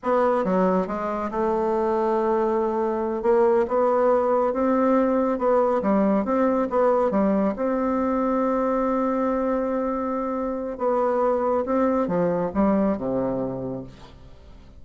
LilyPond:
\new Staff \with { instrumentName = "bassoon" } { \time 4/4 \tempo 4 = 139 b4 fis4 gis4 a4~ | a2.~ a8 ais8~ | ais8 b2 c'4.~ | c'8 b4 g4 c'4 b8~ |
b8 g4 c'2~ c'8~ | c'1~ | c'4 b2 c'4 | f4 g4 c2 | }